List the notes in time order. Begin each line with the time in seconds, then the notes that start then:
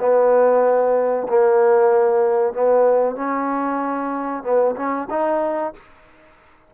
0.00 B3
1.29 A#3
2.53 B3
3.16 C#4
4.44 B3
4.76 C#4
5.10 D#4